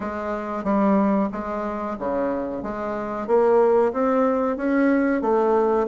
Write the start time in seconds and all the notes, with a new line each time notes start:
0.00 G#3
0.63 G3
1.32 G#3
1.98 C#3
2.62 G#3
3.27 A#3
3.92 C4
4.57 C#4
5.21 A3